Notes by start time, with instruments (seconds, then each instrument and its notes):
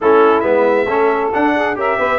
0.00 tuba A3, trombone C#4, saxophone E4, trumpet A4
0.40 tuba G#3, trombone B3, trumpet E5
0.87 tuba A3, trombone C#4, saxophone A4
1.33 trombone D4, tuba D4, trumpet F#5
1.55 saxophone G#4
1.75 tuba C#4, trombone G4, saxophone A#4, trumpet E5
1.97 tuba B3, saxophone B4